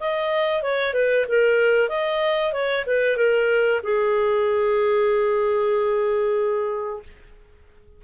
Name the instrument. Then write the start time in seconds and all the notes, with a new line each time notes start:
clarinet
0.00 D#5
0.63 C#5
0.93 B4
1.28 A#4
1.89 D#5
2.53 C#5
2.86 B4
3.17 A#4
3.84 G#4